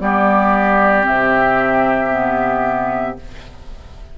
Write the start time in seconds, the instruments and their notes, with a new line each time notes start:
0.00 bassoon G3, clarinet B3, oboe G4, flute D5
1.03 bassoon C3, clarinet C4, flute E5
2.11 clarinet B3